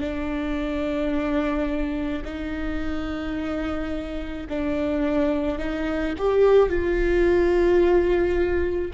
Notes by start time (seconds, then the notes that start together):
0.00 D4
2.24 D#4
4.49 D4
5.58 D#4
6.18 G4
6.69 F4